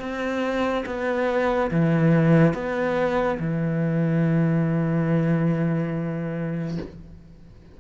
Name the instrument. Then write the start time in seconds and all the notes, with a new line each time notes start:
cello
0.00 C4
0.86 B3
1.71 E3
2.54 B3
3.40 E3